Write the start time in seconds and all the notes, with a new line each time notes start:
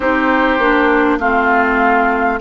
0.00 C4 D#4 G4 C5
0.58 A#3 D4
1.19 A3 C4 F4 F5